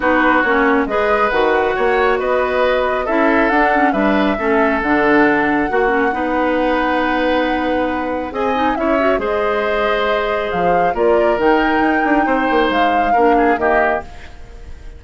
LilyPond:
<<
  \new Staff \with { instrumentName = "flute" } { \time 4/4 \tempo 4 = 137 b'4 cis''4 dis''4 fis''4~ | fis''4 dis''2 e''4 | fis''4 e''2 fis''4~ | fis''1~ |
fis''2. gis''4 | e''4 dis''2. | f''4 d''4 g''2~ | g''4 f''2 dis''4 | }
  \new Staff \with { instrumentName = "oboe" } { \time 4/4 fis'2 b'2 | cis''4 b'2 a'4~ | a'4 b'4 a'2~ | a'4 fis'4 b'2~ |
b'2. dis''4 | cis''4 c''2.~ | c''4 ais'2. | c''2 ais'8 gis'8 g'4 | }
  \new Staff \with { instrumentName = "clarinet" } { \time 4/4 dis'4 cis'4 gis'4 fis'4~ | fis'2. e'4 | d'8 cis'8 d'4 cis'4 d'4~ | d'4 fis'8 cis'8 dis'2~ |
dis'2. gis'8 dis'8 | e'8 fis'8 gis'2.~ | gis'4 f'4 dis'2~ | dis'2 d'4 ais4 | }
  \new Staff \with { instrumentName = "bassoon" } { \time 4/4 b4 ais4 gis4 dis4 | ais4 b2 cis'4 | d'4 g4 a4 d4~ | d4 ais4 b2~ |
b2. c'4 | cis'4 gis2. | f4 ais4 dis4 dis'8 d'8 | c'8 ais8 gis4 ais4 dis4 | }
>>